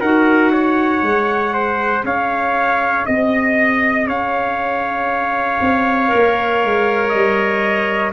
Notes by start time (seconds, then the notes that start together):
0.00 D#4 F#4 A#4 F#5
0.52 C#5
1.01 G#3 G#4
1.53 C5
2.03 C#4 C#5 F5
3.06 C4 D#5
4.07 C#4 C#5 F5
5.60 C4
6.08 A#3 A#4
6.64 G#3
7.09 G3 D#5